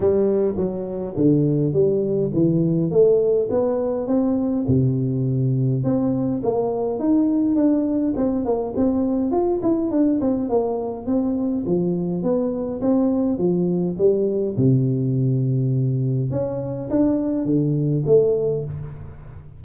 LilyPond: \new Staff \with { instrumentName = "tuba" } { \time 4/4 \tempo 4 = 103 g4 fis4 d4 g4 | e4 a4 b4 c'4 | c2 c'4 ais4 | dis'4 d'4 c'8 ais8 c'4 |
f'8 e'8 d'8 c'8 ais4 c'4 | f4 b4 c'4 f4 | g4 c2. | cis'4 d'4 d4 a4 | }